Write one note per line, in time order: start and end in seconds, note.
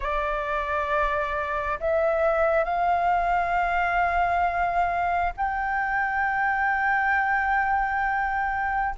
0.00 1.79 D5
1.80 2.64 E5
2.64 5.32 F5
5.36 8.95 G5